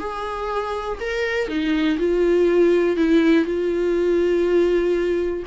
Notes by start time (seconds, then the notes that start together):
0.00 G#4
1.01 A#4
1.49 D#4
1.99 F4
2.97 E4
3.46 F4